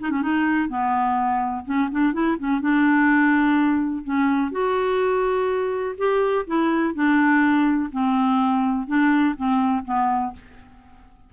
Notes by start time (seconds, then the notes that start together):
0.00 D#4
0.10 C#4
0.22 D#4
0.69 B3
1.65 C#4
1.91 D4
2.13 E4
2.38 C#4
2.61 D4
4.04 C#4
4.52 F#4
5.97 G4
6.47 E4
6.95 D4
7.92 C4
8.88 D4
9.36 C4
9.85 B3